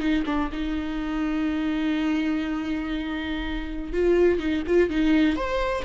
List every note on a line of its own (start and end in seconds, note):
0.00 0.24 D#4
0.26 0.50 D4
0.52 3.93 D#4
3.93 4.40 F4
4.40 4.63 D#4
4.67 4.90 F4
4.90 5.36 D#4
5.36 5.84 C5